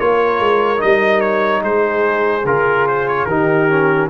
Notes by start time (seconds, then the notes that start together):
0.00 A#3 F4 A#4 C#5
0.40 G#3
0.78 D#4 D#5
0.84 G3
1.21 C#5
1.63 G#3 G#4 C5
2.45 C#3 F4 A#4
2.88 C5
3.08 C#5
3.26 D#3 D#4 G4 A#4
3.70 C#4